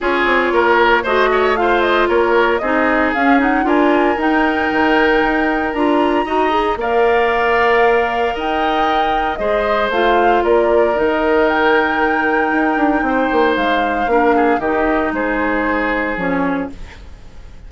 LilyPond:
<<
  \new Staff \with { instrumentName = "flute" } { \time 4/4 \tempo 4 = 115 cis''2 dis''4 f''8 dis''8 | cis''4 dis''4 f''8 fis''8 gis''4 | g''2. ais''4~ | ais''4 f''2. |
g''2 dis''4 f''4 | d''4 dis''4 g''2~ | g''2 f''2 | dis''4 c''2 cis''4 | }
  \new Staff \with { instrumentName = "oboe" } { \time 4/4 gis'4 ais'4 c''8 cis''8 c''4 | ais'4 gis'2 ais'4~ | ais'1 | dis''4 d''2. |
dis''2 c''2 | ais'1~ | ais'4 c''2 ais'8 gis'8 | g'4 gis'2. | }
  \new Staff \with { instrumentName = "clarinet" } { \time 4/4 f'2 fis'4 f'4~ | f'4 dis'4 cis'8 dis'8 f'4 | dis'2. f'4 | fis'8 gis'8 ais'2.~ |
ais'2 gis'4 f'4~ | f'4 dis'2.~ | dis'2. d'4 | dis'2. cis'4 | }
  \new Staff \with { instrumentName = "bassoon" } { \time 4/4 cis'8 c'8 ais4 a2 | ais4 c'4 cis'4 d'4 | dis'4 dis4 dis'4 d'4 | dis'4 ais2. |
dis'2 gis4 a4 | ais4 dis2. | dis'8 d'8 c'8 ais8 gis4 ais4 | dis4 gis2 f4 | }
>>